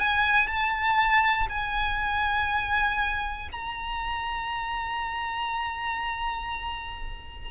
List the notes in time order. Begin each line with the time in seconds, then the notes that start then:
0.00 G#5
0.47 A5
1.50 G#5
3.52 A#5